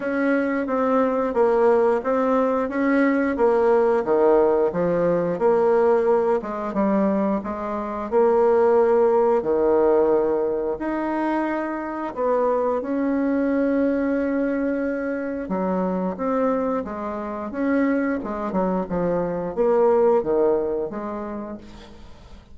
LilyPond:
\new Staff \with { instrumentName = "bassoon" } { \time 4/4 \tempo 4 = 89 cis'4 c'4 ais4 c'4 | cis'4 ais4 dis4 f4 | ais4. gis8 g4 gis4 | ais2 dis2 |
dis'2 b4 cis'4~ | cis'2. fis4 | c'4 gis4 cis'4 gis8 fis8 | f4 ais4 dis4 gis4 | }